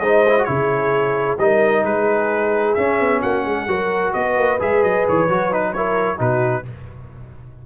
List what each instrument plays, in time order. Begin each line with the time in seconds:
0.00 tuba G#3, trombone D#4, horn C5, trumpet D#5
0.28 trombone E4
0.39 trombone F#4, trumpet C#5
0.46 tuba C#3, trombone E4, horn G#4
1.38 tuba G3, trombone D#4, horn A#4, trumpet D#5
1.84 tuba G#3, horn G#4, trumpet B4
2.75 tuba C#4, trombone C#4, trumpet E5
3.00 tuba B3
3.21 tuba A#3, horn F#4, trumpet F#5
3.45 tuba G#3, horn G#4
3.67 tuba F#3, trombone F#4, horn A#4
4.13 tuba B3, horn B4, trumpet D#5
4.37 tuba A#3
4.59 tuba G#3, trombone G#4, trumpet E5
4.83 tuba F#3, trumpet D#5
5.09 tuba E3, trumpet C#5
5.29 tuba F#3, trombone F#4
5.52 trombone D#4, trumpet B4
5.73 trombone E4, horn A#4, trumpet C#5
6.17 tuba B2, trombone D#4, horn F#4, trumpet B4